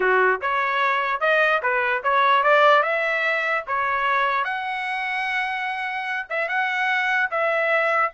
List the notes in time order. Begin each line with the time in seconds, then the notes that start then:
0.00 F#4
0.41 C#5
1.20 D#5
1.62 B4
2.03 C#5
2.43 D5
2.82 E5
3.67 C#5
4.44 F#5
6.29 E5
6.48 F#5
7.30 E5